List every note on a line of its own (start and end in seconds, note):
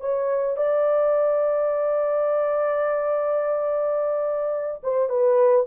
0.00 0.56 C#5
0.56 4.81 D5
4.83 5.09 C5
5.09 5.66 B4